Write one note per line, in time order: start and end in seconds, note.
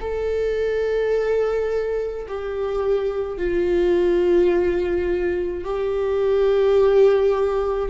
0.00 2.26 A4
2.28 3.38 G4
3.38 5.64 F4
5.64 7.89 G4